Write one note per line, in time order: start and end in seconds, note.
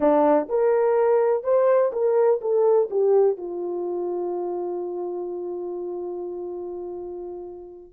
0.00 0.48 D4
0.48 1.43 A#4
1.43 1.91 C5
1.92 2.40 A#4
2.41 2.89 A4
2.90 3.37 G4
3.37 7.92 F4